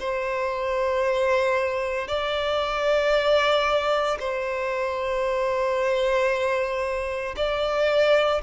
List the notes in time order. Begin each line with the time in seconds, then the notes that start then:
0.00 C5
2.08 D5
4.20 C5
7.36 D5